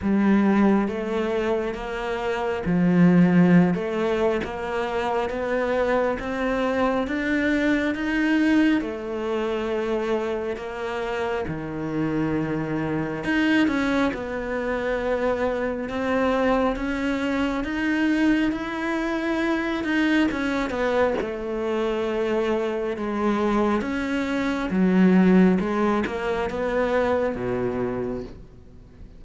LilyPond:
\new Staff \with { instrumentName = "cello" } { \time 4/4 \tempo 4 = 68 g4 a4 ais4 f4~ | f16 a8. ais4 b4 c'4 | d'4 dis'4 a2 | ais4 dis2 dis'8 cis'8 |
b2 c'4 cis'4 | dis'4 e'4. dis'8 cis'8 b8 | a2 gis4 cis'4 | fis4 gis8 ais8 b4 b,4 | }